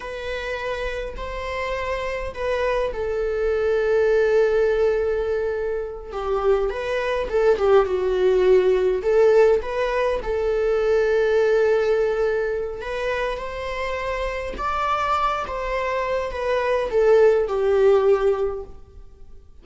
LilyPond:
\new Staff \with { instrumentName = "viola" } { \time 4/4 \tempo 4 = 103 b'2 c''2 | b'4 a'2.~ | a'2~ a'8 g'4 b'8~ | b'8 a'8 g'8 fis'2 a'8~ |
a'8 b'4 a'2~ a'8~ | a'2 b'4 c''4~ | c''4 d''4. c''4. | b'4 a'4 g'2 | }